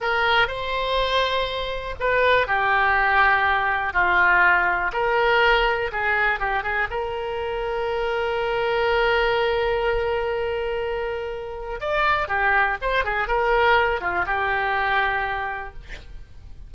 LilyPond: \new Staff \with { instrumentName = "oboe" } { \time 4/4 \tempo 4 = 122 ais'4 c''2. | b'4 g'2. | f'2 ais'2 | gis'4 g'8 gis'8 ais'2~ |
ais'1~ | ais'1 | d''4 g'4 c''8 gis'8 ais'4~ | ais'8 f'8 g'2. | }